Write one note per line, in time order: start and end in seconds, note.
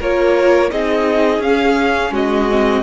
0.00 0.72 A#3
0.00 0.70 F4
0.00 0.71 A#4
0.00 0.71 C#5
0.70 1.39 C4
0.70 1.42 D#4
0.70 2.13 G#4
0.70 1.42 D#5
1.39 2.10 C#4
1.39 2.14 F5
1.45 2.50 C#4
2.11 2.83 G#3
2.11 2.84 F#4
2.11 2.84 D#5
2.50 2.84 C4